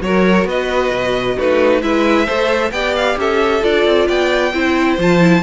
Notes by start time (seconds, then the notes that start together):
0.00 F#3 F#4 A#4 C#5
0.44 B3 B4 D#5
0.91 B2
1.36 A3 D#4 F#4 B4
1.81 G#3 E4 B4 E5
2.25 A3 A4 C5
2.71 B3 G4 D5 G5
2.95 F5
3.17 C#4 A4 E5
3.61 D4 F4 D5
3.85 C4
4.07 B3 D5 G5
4.53 C4 E4 C5
4.98 F3 F4 A5
5.20 E4